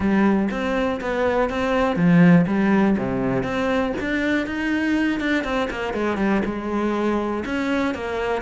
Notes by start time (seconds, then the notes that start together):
0.00 G3
0.50 C4
1.01 B3
1.49 C4
1.95 F3
2.47 G3
2.98 C3
3.43 C4
4.00 D4
4.46 D#4
5.19 D4
5.44 C4
5.70 A#3
5.93 G#3
6.17 G3
6.45 G#3
7.45 C#4
7.94 A#3